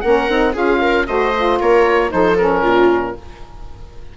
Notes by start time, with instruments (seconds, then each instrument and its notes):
0.00 bassoon A#3, saxophone C#4, viola A#4, oboe F#5
0.29 bassoon C4, saxophone D#4
0.53 bassoon C#4, saxophone F4, viola G#4, oboe F5
0.80 viola A#4
1.06 bassoon A3, saxophone F#4, viola C5, oboe D#5
1.36 saxophone F4
1.59 bassoon A#3, viola A#4, oboe C#5
2.09 bassoon F3, saxophone D#4, viola A4, oboe C5
2.37 saxophone C#4, oboe A#4
2.62 bassoon A#2, viola F4